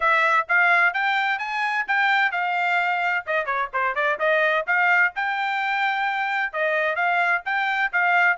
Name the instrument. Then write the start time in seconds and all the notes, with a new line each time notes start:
trumpet
0.00 E5
0.48 F5
0.93 G5
1.38 G#5
1.87 G5
2.31 F5
3.26 D#5
3.45 C#5
3.73 C5
3.95 D5
4.19 D#5
4.66 F5
5.15 G5
6.52 D#5
6.95 F5
7.45 G5
7.92 F5